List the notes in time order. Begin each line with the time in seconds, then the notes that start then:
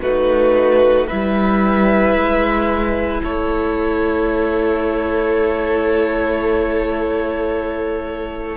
0.00 A3 D#4 F#4 B4
1.07 G3 E4 B4 E5
2.14 G#3
3.22 A3 A4 C#5